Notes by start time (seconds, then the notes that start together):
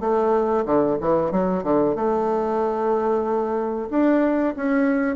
0.00 A3
0.65 D3
1.01 E3
1.31 F#3
1.63 D3
1.96 A3
3.90 D4
4.56 C#4